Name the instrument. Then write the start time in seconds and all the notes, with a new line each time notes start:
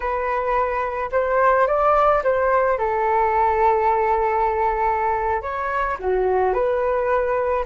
flute
0.00 B4
1.11 C5
1.67 D5
2.23 C5
2.78 A4
5.42 C#5
5.99 F#4
6.53 B4